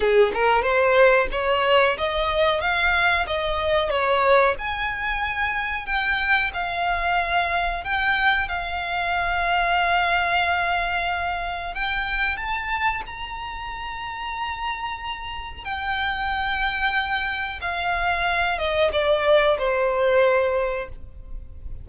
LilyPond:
\new Staff \with { instrumentName = "violin" } { \time 4/4 \tempo 4 = 92 gis'8 ais'8 c''4 cis''4 dis''4 | f''4 dis''4 cis''4 gis''4~ | gis''4 g''4 f''2 | g''4 f''2.~ |
f''2 g''4 a''4 | ais''1 | g''2. f''4~ | f''8 dis''8 d''4 c''2 | }